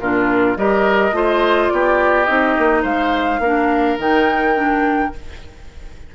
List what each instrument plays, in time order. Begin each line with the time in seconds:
0.00 bassoon A#2, clarinet D4, oboe F4, flute A#4
0.57 bassoon G3, clarinet G4, oboe A#4, flute D#5
1.12 bassoon A3, clarinet F4, oboe C5
1.69 bassoon B3, oboe G4, flute D5
2.25 bassoon C4, clarinet D#4, flute D#5
2.58 bassoon A#3
2.82 bassoon G#3, oboe C5, flute F5
3.39 bassoon A#3, clarinet D4, oboe A#4
3.98 bassoon D#3, clarinet D#4, flute G5
4.55 clarinet D4